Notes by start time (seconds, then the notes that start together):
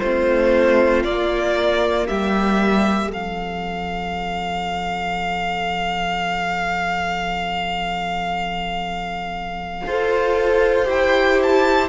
0.00 A3 C4 F4 C5
1.04 A#3 D5
2.08 G3 G4 E5
3.09 F3 C4 A4 F5
9.85 F4 A4 C5
10.85 E4 G4 G5
11.43 A5